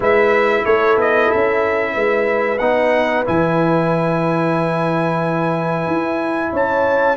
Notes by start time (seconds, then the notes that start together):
0.00 G#3 E4 B4 E5
0.65 A3 A4 C#5
0.96 B3 D#5
1.31 C#4 E5
1.93 G#3 B4
2.58 B3 D#4 F#5
3.25 E3 E4 G#5
5.86 E4
6.52 C#4 C#5 A5